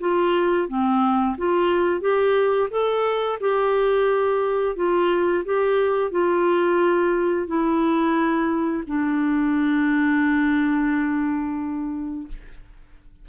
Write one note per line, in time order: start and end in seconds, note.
0.00 0.68 F4
0.68 1.36 C4
1.37 2.01 F4
2.01 2.69 G4
2.70 3.38 A4
3.40 4.76 G4
4.76 5.44 F4
5.45 6.11 G4
6.11 7.47 F4
7.47 8.84 E4
8.87 12.28 D4